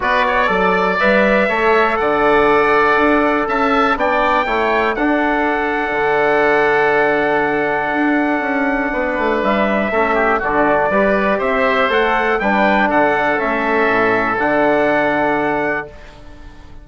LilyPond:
<<
  \new Staff \with { instrumentName = "trumpet" } { \time 4/4 \tempo 4 = 121 d''2 e''2 | fis''2. a''4 | g''2 fis''2~ | fis''1~ |
fis''2. e''4~ | e''4 d''2 e''4 | fis''4 g''4 fis''4 e''4~ | e''4 fis''2. | }
  \new Staff \with { instrumentName = "oboe" } { \time 4/4 b'8 cis''8 d''2 cis''4 | d''2. e''4 | d''4 cis''4 a'2~ | a'1~ |
a'2 b'2 | a'8 g'8 fis'4 b'4 c''4~ | c''4 b'4 a'2~ | a'1 | }
  \new Staff \with { instrumentName = "trombone" } { \time 4/4 fis'4 a'4 b'4 a'4~ | a'1 | d'4 e'4 d'2~ | d'1~ |
d'1 | cis'4 d'4 g'2 | a'4 d'2 cis'4~ | cis'4 d'2. | }
  \new Staff \with { instrumentName = "bassoon" } { \time 4/4 b4 fis4 g4 a4 | d2 d'4 cis'4 | b4 a4 d'2 | d1 |
d'4 cis'4 b8 a8 g4 | a4 d4 g4 c'4 | a4 g4 d4 a4 | a,4 d2. | }
>>